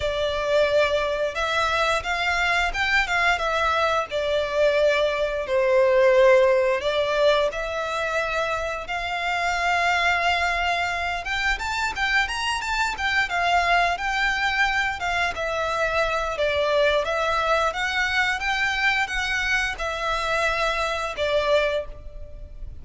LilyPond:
\new Staff \with { instrumentName = "violin" } { \time 4/4 \tempo 4 = 88 d''2 e''4 f''4 | g''8 f''8 e''4 d''2 | c''2 d''4 e''4~ | e''4 f''2.~ |
f''8 g''8 a''8 g''8 ais''8 a''8 g''8 f''8~ | f''8 g''4. f''8 e''4. | d''4 e''4 fis''4 g''4 | fis''4 e''2 d''4 | }